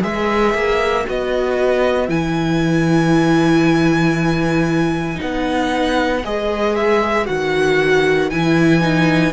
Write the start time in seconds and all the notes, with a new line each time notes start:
0.00 G#3 G#4 B4 E5
0.54 A#3
1.04 B3 F#4 D#5
2.08 E3 E4 G#5
5.15 D#4 F#5
5.22 B3
6.24 G#3 G#4 D#5
6.75 E5
7.25 D#3 F#4 F#5
8.30 E3 E4 G#5
8.80 D#4